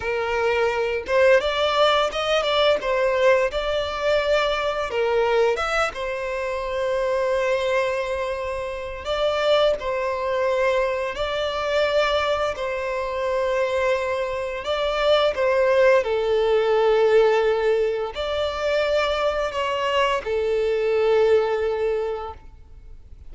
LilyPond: \new Staff \with { instrumentName = "violin" } { \time 4/4 \tempo 4 = 86 ais'4. c''8 d''4 dis''8 d''8 | c''4 d''2 ais'4 | e''8 c''2.~ c''8~ | c''4 d''4 c''2 |
d''2 c''2~ | c''4 d''4 c''4 a'4~ | a'2 d''2 | cis''4 a'2. | }